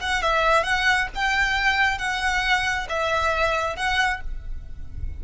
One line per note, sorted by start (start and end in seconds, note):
0.00 0.22 F#5
0.22 0.63 E5
0.63 1.07 F#5
1.15 1.98 G5
1.98 2.87 F#5
2.88 3.76 E5
3.76 4.20 F#5